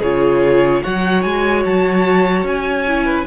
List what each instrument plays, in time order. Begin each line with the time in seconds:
0.00 cello C#3, viola F4, violin G#4 C#5
0.83 cello F#3, viola F#4, violin C#5 F#5
1.22 cello G#3, violin G#5
1.65 cello F#3, violin A5
2.43 cello C#4, violin G#5
2.88 viola E4
3.05 violin B4